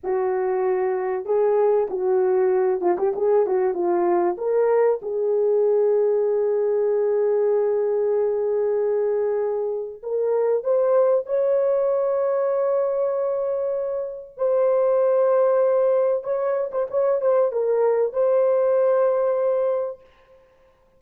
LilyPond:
\new Staff \with { instrumentName = "horn" } { \time 4/4 \tempo 4 = 96 fis'2 gis'4 fis'4~ | fis'8 f'16 g'16 gis'8 fis'8 f'4 ais'4 | gis'1~ | gis'1 |
ais'4 c''4 cis''2~ | cis''2. c''4~ | c''2 cis''8. c''16 cis''8 c''8 | ais'4 c''2. | }